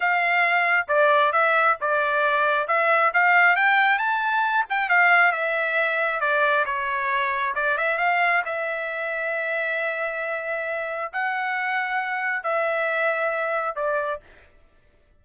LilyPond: \new Staff \with { instrumentName = "trumpet" } { \time 4/4 \tempo 4 = 135 f''2 d''4 e''4 | d''2 e''4 f''4 | g''4 a''4. g''8 f''4 | e''2 d''4 cis''4~ |
cis''4 d''8 e''8 f''4 e''4~ | e''1~ | e''4 fis''2. | e''2. d''4 | }